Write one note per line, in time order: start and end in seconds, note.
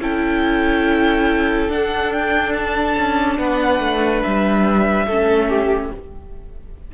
0.00 1.69 C#4
0.00 1.69 E4
0.00 3.37 A4
0.00 1.71 G5
1.69 5.07 D4
1.69 2.96 D4
1.69 2.13 F#5
2.13 2.53 G5
2.53 3.37 A5
2.98 3.38 C#4
3.37 3.80 B3
3.37 5.07 B4
3.37 4.23 F#5
3.80 4.22 A3
4.23 5.06 G3
4.23 5.92 E5
5.06 5.91 A3
5.06 5.94 C#4
5.06 5.49 A4
5.49 5.91 G4